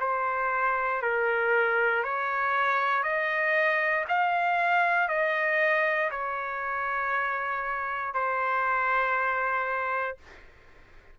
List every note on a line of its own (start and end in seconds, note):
0.00 1.02 C5
1.02 2.03 A#4
2.03 3.03 C#5
3.03 4.05 D#5
4.08 5.08 F5
5.08 6.10 D#5
6.11 8.14 C#5
8.14 10.17 C5